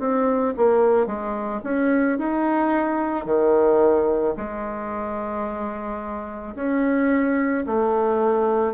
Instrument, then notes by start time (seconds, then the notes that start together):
bassoon
0.00 C4
0.57 A#3
1.07 G#3
1.64 C#4
2.19 D#4
3.25 D#3
4.37 G#3
6.56 C#4
7.67 A3